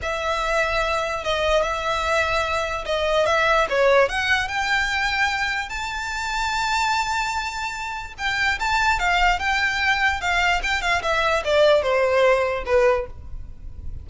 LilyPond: \new Staff \with { instrumentName = "violin" } { \time 4/4 \tempo 4 = 147 e''2. dis''4 | e''2. dis''4 | e''4 cis''4 fis''4 g''4~ | g''2 a''2~ |
a''1 | g''4 a''4 f''4 g''4~ | g''4 f''4 g''8 f''8 e''4 | d''4 c''2 b'4 | }